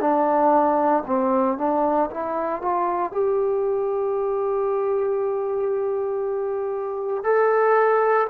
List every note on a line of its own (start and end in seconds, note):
0.00 1.03 D4
1.06 1.58 C4
1.58 2.09 D4
2.11 2.61 E4
2.61 3.12 F4
3.12 7.24 G4
7.24 8.27 A4